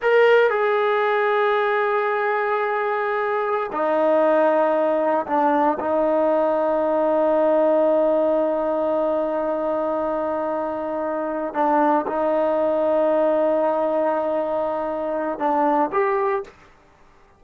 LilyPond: \new Staff \with { instrumentName = "trombone" } { \time 4/4 \tempo 4 = 117 ais'4 gis'2.~ | gis'2.~ gis'16 dis'8.~ | dis'2~ dis'16 d'4 dis'8.~ | dis'1~ |
dis'1~ | dis'2~ dis'8 d'4 dis'8~ | dis'1~ | dis'2 d'4 g'4 | }